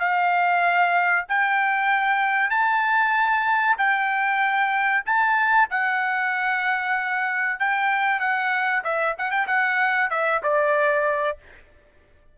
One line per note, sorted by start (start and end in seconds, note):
0.00 1.26 F5
1.29 2.51 G5
2.51 3.77 A5
3.78 5.04 G5
5.06 5.69 A5
5.70 7.60 F#5
7.60 8.20 G5
8.20 8.83 F#5
8.84 9.16 E5
9.19 9.31 F#5
9.31 9.47 G5
9.47 10.11 F#5
10.11 10.42 E5
10.44 11.38 D5